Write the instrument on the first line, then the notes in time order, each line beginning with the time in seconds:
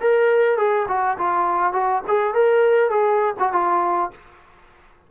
trombone
0.00 A#4
0.57 G#4
0.88 F#4
1.17 F4
1.72 F#4
2.07 G#4
2.33 A#4
2.90 G#4
3.39 F#4
3.52 F4